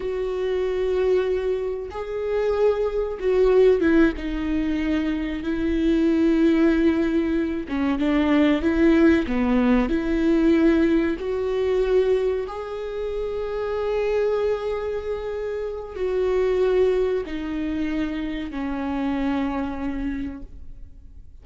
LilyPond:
\new Staff \with { instrumentName = "viola" } { \time 4/4 \tempo 4 = 94 fis'2. gis'4~ | gis'4 fis'4 e'8 dis'4.~ | dis'8 e'2.~ e'8 | cis'8 d'4 e'4 b4 e'8~ |
e'4. fis'2 gis'8~ | gis'1~ | gis'4 fis'2 dis'4~ | dis'4 cis'2. | }